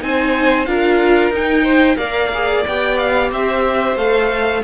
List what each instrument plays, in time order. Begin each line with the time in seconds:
0.00 cello C4, viola D#4, violin C5 G#5
0.66 cello D4, viola F4, violin A#4 F5
1.30 cello D#4, viola D#4, violin G5
1.63 violin C5
1.97 cello A#3, viola A#4, violin D5 F5
2.34 viola G#4
2.67 cello B3, viola G4, violin G5
2.98 violin F5
3.30 cello C4, violin C5 E5
3.96 cello A3, viola A4, violin F5